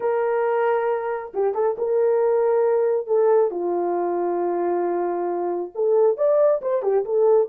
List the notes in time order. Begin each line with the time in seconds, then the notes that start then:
0.00 A#4
1.34 G4
1.54 A4
1.78 A#4
3.07 A4
3.51 F4
5.75 A4
6.17 D5
6.61 C5
6.82 G4
7.04 A4